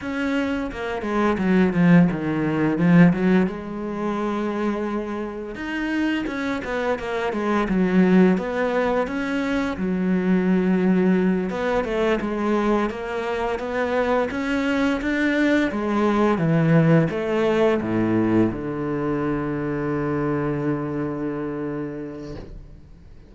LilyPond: \new Staff \with { instrumentName = "cello" } { \time 4/4 \tempo 4 = 86 cis'4 ais8 gis8 fis8 f8 dis4 | f8 fis8 gis2. | dis'4 cis'8 b8 ais8 gis8 fis4 | b4 cis'4 fis2~ |
fis8 b8 a8 gis4 ais4 b8~ | b8 cis'4 d'4 gis4 e8~ | e8 a4 a,4 d4.~ | d1 | }